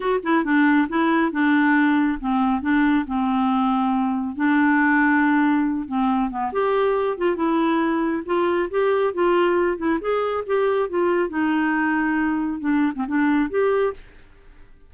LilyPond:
\new Staff \with { instrumentName = "clarinet" } { \time 4/4 \tempo 4 = 138 fis'8 e'8 d'4 e'4 d'4~ | d'4 c'4 d'4 c'4~ | c'2 d'2~ | d'4. c'4 b8 g'4~ |
g'8 f'8 e'2 f'4 | g'4 f'4. e'8 gis'4 | g'4 f'4 dis'2~ | dis'4 d'8. c'16 d'4 g'4 | }